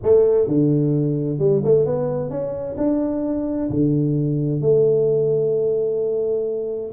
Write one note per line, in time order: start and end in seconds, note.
0.03 0.47 A3
0.47 1.38 D3
1.38 1.61 G3
1.64 1.85 A3
1.85 2.30 B3
2.30 2.76 C#4
2.77 3.69 D4
3.69 4.61 D3
4.61 6.91 A3